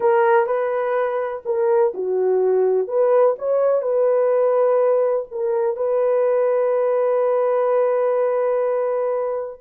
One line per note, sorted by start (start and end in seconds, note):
0.00 0.46 A#4
0.46 1.42 B4
1.45 1.93 A#4
1.94 2.87 F#4
2.87 3.35 B4
3.38 3.82 C#5
3.82 5.26 B4
5.31 5.76 A#4
5.76 9.60 B4